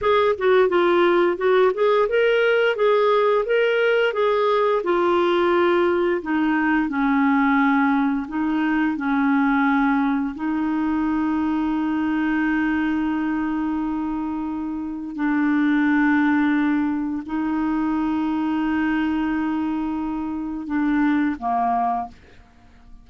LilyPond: \new Staff \with { instrumentName = "clarinet" } { \time 4/4 \tempo 4 = 87 gis'8 fis'8 f'4 fis'8 gis'8 ais'4 | gis'4 ais'4 gis'4 f'4~ | f'4 dis'4 cis'2 | dis'4 cis'2 dis'4~ |
dis'1~ | dis'2 d'2~ | d'4 dis'2.~ | dis'2 d'4 ais4 | }